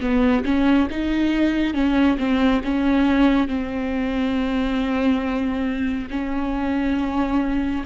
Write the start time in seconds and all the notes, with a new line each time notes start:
0.00 B3
0.45 C#4
0.90 D#4
1.74 C#4
2.18 C4
2.64 C#4
3.47 C4
6.10 C#4